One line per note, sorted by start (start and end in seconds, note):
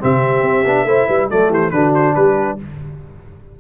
0.00 0.42 C3
0.00 0.64 C4
0.00 0.88 G4
0.00 1.30 E5
0.42 0.64 C4
0.65 0.85 B3
0.65 0.87 D4
0.85 1.06 A3
0.85 1.30 E4
0.85 1.07 C5
1.07 1.30 G3
1.07 1.29 B4
1.30 1.50 F#3
1.30 1.73 A3
1.30 1.50 A4
1.30 1.52 D5
1.50 1.71 E3
1.50 1.71 G4
1.50 1.71 C5
1.71 2.14 D3
1.71 2.59 D4
1.71 2.17 F#4
1.71 1.92 B4
1.95 2.15 C5
2.15 2.59 G3
2.15 2.60 G4
2.15 2.58 B4